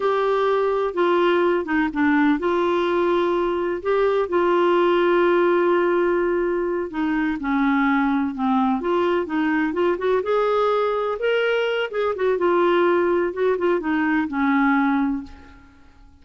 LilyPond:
\new Staff \with { instrumentName = "clarinet" } { \time 4/4 \tempo 4 = 126 g'2 f'4. dis'8 | d'4 f'2. | g'4 f'2.~ | f'2~ f'8 dis'4 cis'8~ |
cis'4. c'4 f'4 dis'8~ | dis'8 f'8 fis'8 gis'2 ais'8~ | ais'4 gis'8 fis'8 f'2 | fis'8 f'8 dis'4 cis'2 | }